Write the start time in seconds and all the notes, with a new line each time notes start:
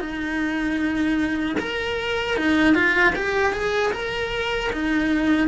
0.00 D#4
1.59 A#4
2.37 D#4
2.75 F4
3.16 G4
3.53 G#4
3.92 A#4
4.72 D#4